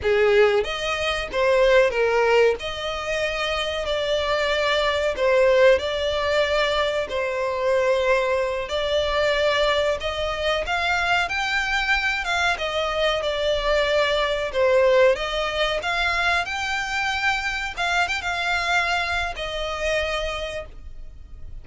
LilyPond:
\new Staff \with { instrumentName = "violin" } { \time 4/4 \tempo 4 = 93 gis'4 dis''4 c''4 ais'4 | dis''2 d''2 | c''4 d''2 c''4~ | c''4. d''2 dis''8~ |
dis''8 f''4 g''4. f''8 dis''8~ | dis''8 d''2 c''4 dis''8~ | dis''8 f''4 g''2 f''8 | g''16 f''4.~ f''16 dis''2 | }